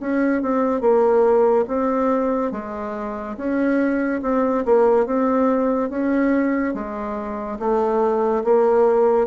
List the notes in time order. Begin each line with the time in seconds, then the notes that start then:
0.00 C#4
0.42 C4
0.80 A#3
1.67 C4
2.51 G#3
3.36 C#4
4.22 C4
4.65 A#3
5.06 C4
5.89 C#4
6.74 G#3
7.59 A3
8.44 A#3